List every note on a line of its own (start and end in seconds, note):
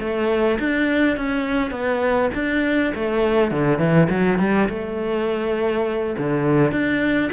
0.00 0.59 A3
0.60 1.17 D4
1.17 1.71 C#4
1.71 2.30 B3
2.35 2.94 D4
2.95 3.52 A3
3.52 3.79 D3
3.79 4.08 E3
4.10 4.39 F#3
4.39 4.69 G3
4.69 6.16 A3
6.18 6.72 D3
6.72 7.31 D4